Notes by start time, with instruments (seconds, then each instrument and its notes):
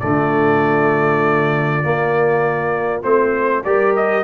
0.00 tuba D3, trombone A3, horn F4, trumpet D5
1.83 trombone A#3, tuba A#3
3.03 tuba A3, trombone C4, trumpet C5
3.65 tuba G3, trombone G4, horn A#4, trumpet D5
3.97 trumpet D#5